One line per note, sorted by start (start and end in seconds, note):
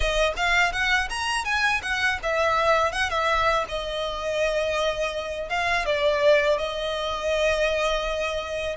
0.00 0.33 D#5
0.36 0.72 F5
0.72 1.08 F#5
1.09 1.44 A#5
1.44 1.81 G#5
1.82 2.19 F#5
2.22 2.92 E5
2.92 3.10 F#5
3.10 3.65 E5
3.68 5.49 D#5
5.49 5.85 F5
5.85 6.58 D5
6.58 8.76 D#5